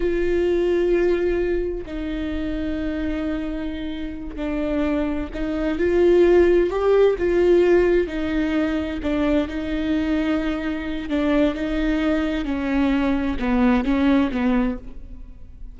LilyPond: \new Staff \with { instrumentName = "viola" } { \time 4/4 \tempo 4 = 130 f'1 | dis'1~ | dis'4. d'2 dis'8~ | dis'8 f'2 g'4 f'8~ |
f'4. dis'2 d'8~ | d'8 dis'2.~ dis'8 | d'4 dis'2 cis'4~ | cis'4 b4 cis'4 b4 | }